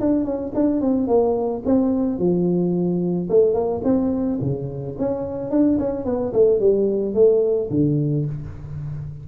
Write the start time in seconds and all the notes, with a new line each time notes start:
0.00 D4
0.24 C#4
0.54 D4
0.81 C4
1.07 A#3
1.65 C4
2.18 F3
3.29 A3
3.53 A#3
3.84 C4
4.41 C#3
4.98 C#4
5.50 D4
5.78 C#4
6.05 B3
6.33 A3
6.60 G3
7.14 A3
7.70 D3